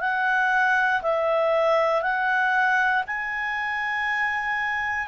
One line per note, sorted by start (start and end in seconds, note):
0.00 1.02 F#5
1.02 2.02 E5
2.02 3.04 F#5
3.07 5.08 G#5